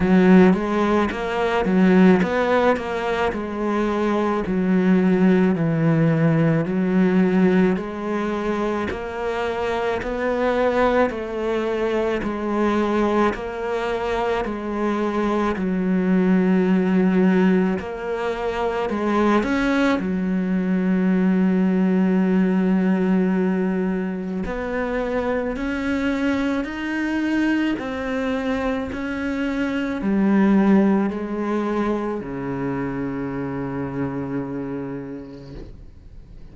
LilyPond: \new Staff \with { instrumentName = "cello" } { \time 4/4 \tempo 4 = 54 fis8 gis8 ais8 fis8 b8 ais8 gis4 | fis4 e4 fis4 gis4 | ais4 b4 a4 gis4 | ais4 gis4 fis2 |
ais4 gis8 cis'8 fis2~ | fis2 b4 cis'4 | dis'4 c'4 cis'4 g4 | gis4 cis2. | }